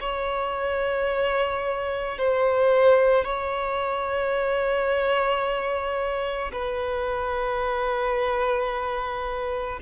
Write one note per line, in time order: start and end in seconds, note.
0.00 2.18 C#5
2.18 3.24 C5
3.24 6.51 C#5
6.52 9.79 B4